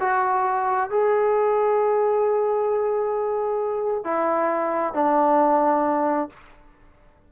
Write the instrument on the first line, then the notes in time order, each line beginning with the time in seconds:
trombone
0.00 F#4
0.90 G#4
4.04 E4
4.94 D4